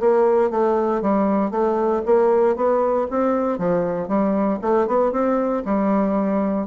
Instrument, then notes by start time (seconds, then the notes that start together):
bassoon
0.00 A#3
0.50 A3
1.01 G3
1.51 A3
2.05 A#3
2.55 B3
3.10 C4
3.58 F3
4.08 G3
4.61 A3
4.87 B3
5.12 C4
5.65 G3